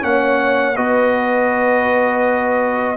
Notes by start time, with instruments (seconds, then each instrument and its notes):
0.00 tuba A#3, trombone C#4, horn C#5, trumpet F#5
0.76 tuba B3, trombone F#4, horn B4, trumpet D#5